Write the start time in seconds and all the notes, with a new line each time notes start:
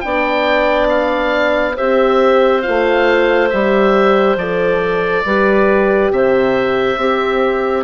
0.00 B3 D4 D5 G5
0.89 F5
1.74 C4 G4 C5 E5
2.62 A3 F4 F5
3.49 G3 G4 E5
4.36 F3 A4 D5
5.25 G3 G4 B4
6.11 C3 C5 E5
6.96 C4 G4